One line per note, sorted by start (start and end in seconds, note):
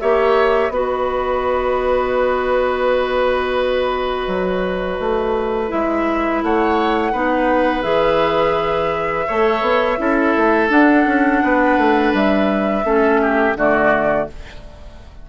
0.00 0.70 A#3
0.00 0.72 G4
0.00 0.73 C#5
0.00 0.71 E5
0.70 4.27 B3
0.70 5.69 F#4
0.70 6.44 B4
0.70 5.71 D#5
4.27 4.99 F#3
5.00 5.71 A3
5.69 6.43 G#3
5.69 7.12 E4
5.69 6.43 E5
6.43 7.13 A3
6.43 7.12 C#5
6.43 7.83 F#5
7.12 7.84 B3
7.12 7.83 D#4
7.12 9.27 B4
7.83 9.27 E3
7.83 9.26 G#4
7.83 10.68 E5
9.27 9.61 A3
9.27 9.98 A4
9.27 9.99 C#5
9.61 9.97 B3
9.98 10.35 C#4
9.98 10.69 E4
9.98 11.43 A4
10.37 10.70 A3
10.69 12.83 D4
10.69 11.06 D4
10.69 12.14 F#5
11.06 11.42 C#4
11.43 11.78 B3
11.43 12.85 B4
11.78 12.14 A3
12.14 12.84 G3
12.14 13.58 E5
12.84 13.56 A3
12.84 13.55 C#4
12.84 13.21 A4
13.22 13.57 G4
13.56 14.27 D3
13.56 14.28 A3
13.56 14.29 F#4
13.56 14.29 D5